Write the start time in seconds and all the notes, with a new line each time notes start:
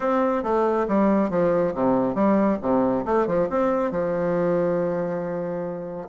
0.00 C4
0.43 A3
0.87 G3
1.29 F3
1.74 C3
2.14 G3
2.61 C3
3.05 A3
3.26 F3
3.49 C4
3.91 F3